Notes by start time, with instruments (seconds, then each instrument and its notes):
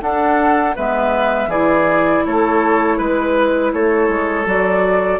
0.00 clarinet D4, bassoon D4, oboe A4, flute F#5
0.76 bassoon G#3, clarinet B3, oboe B4, flute E5
1.47 bassoon E3, clarinet E4, oboe G#4, flute D5
2.26 bassoon A3, oboe A4, flute C#5
2.98 bassoon G#3, oboe B4, flute B4
3.73 bassoon A3, oboe A4, flute C#5
4.08 bassoon G#3
4.46 bassoon F#3, clarinet F#4, flute D5